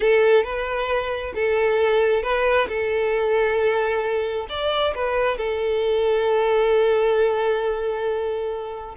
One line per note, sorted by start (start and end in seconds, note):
0.00 0.43 A4
0.43 1.33 B4
1.35 2.22 A4
2.22 2.67 B4
2.68 4.47 A4
4.49 4.94 D5
4.94 5.37 B4
5.37 8.95 A4